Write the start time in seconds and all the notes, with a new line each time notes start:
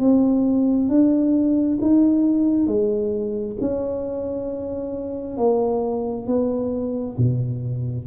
0.00 C4
0.89 D4
1.82 D#4
2.67 G#3
3.61 C#4
5.38 A#3
6.27 B3
7.18 B2